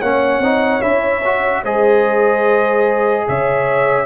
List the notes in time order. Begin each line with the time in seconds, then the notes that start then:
0.00 A#3 C#4 C#5 F#5
0.39 C4 D#4
0.81 C#4 E4 E5
1.25 F#4
1.63 G#3 G#4 C5 D#5
3.28 C#3 C#5 E5